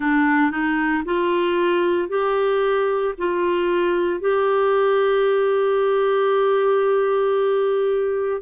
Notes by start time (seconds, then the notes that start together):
0.00 D4
0.50 D#4
1.05 F4
2.09 G4
3.18 F4
4.20 G4